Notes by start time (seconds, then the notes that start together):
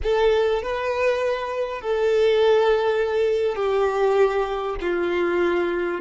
0.03 A4
0.62 B4
1.81 A4
3.55 G4
4.81 F4